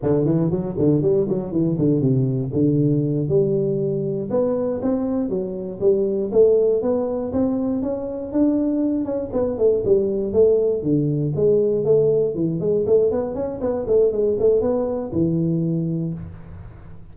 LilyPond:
\new Staff \with { instrumentName = "tuba" } { \time 4/4 \tempo 4 = 119 d8 e8 fis8 d8 g8 fis8 e8 d8 | c4 d4. g4.~ | g8 b4 c'4 fis4 g8~ | g8 a4 b4 c'4 cis'8~ |
cis'8 d'4. cis'8 b8 a8 g8~ | g8 a4 d4 gis4 a8~ | a8 e8 gis8 a8 b8 cis'8 b8 a8 | gis8 a8 b4 e2 | }